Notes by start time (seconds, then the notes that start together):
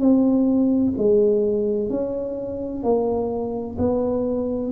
0.00 C4
0.98 G#3
1.90 C#4
2.83 A#3
3.78 B3